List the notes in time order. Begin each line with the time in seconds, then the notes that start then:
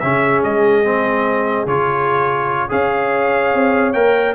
0.00 C#3 C#4 G#4 E5
0.44 G#3 D#5
0.84 C4
1.66 C#3 F4 C#5
2.69 C#4 G#4 C#5 F5
3.55 C4
3.94 A#3 A#4 G5